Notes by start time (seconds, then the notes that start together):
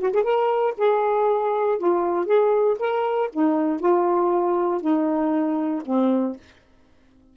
0.00 F#4
0.13 G#4
0.23 A#4
0.78 G#4
1.78 F4
2.26 G#4
2.79 A#4
3.33 D#4
3.80 F4
4.81 D#4
5.85 C4